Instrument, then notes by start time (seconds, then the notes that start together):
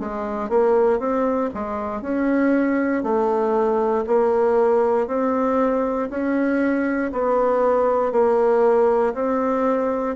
bassoon
0.00 G#3
0.49 A#3
0.99 C4
1.54 G#3
2.02 C#4
3.03 A3
4.07 A#3
5.08 C4
6.10 C#4
7.12 B3
8.12 A#3
9.14 C4